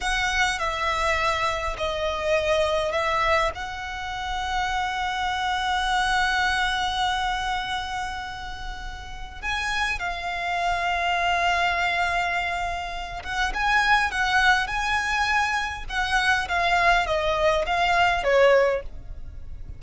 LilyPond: \new Staff \with { instrumentName = "violin" } { \time 4/4 \tempo 4 = 102 fis''4 e''2 dis''4~ | dis''4 e''4 fis''2~ | fis''1~ | fis''1 |
gis''4 f''2.~ | f''2~ f''8 fis''8 gis''4 | fis''4 gis''2 fis''4 | f''4 dis''4 f''4 cis''4 | }